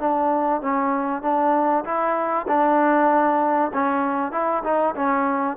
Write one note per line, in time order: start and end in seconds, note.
0.00 0.62 D4
0.62 1.23 C#4
1.23 1.84 D4
1.85 2.47 E4
2.48 3.72 D4
3.74 4.32 C#4
4.32 4.63 E4
4.64 4.95 D#4
4.96 5.57 C#4